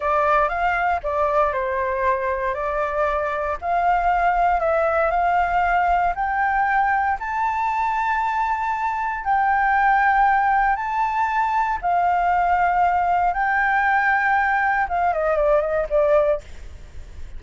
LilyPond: \new Staff \with { instrumentName = "flute" } { \time 4/4 \tempo 4 = 117 d''4 f''4 d''4 c''4~ | c''4 d''2 f''4~ | f''4 e''4 f''2 | g''2 a''2~ |
a''2 g''2~ | g''4 a''2 f''4~ | f''2 g''2~ | g''4 f''8 dis''8 d''8 dis''8 d''4 | }